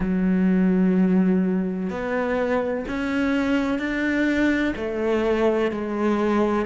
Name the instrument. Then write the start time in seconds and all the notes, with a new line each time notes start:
cello
0.00 F#3
1.90 B3
2.88 C#4
3.78 D4
4.76 A3
5.71 G#3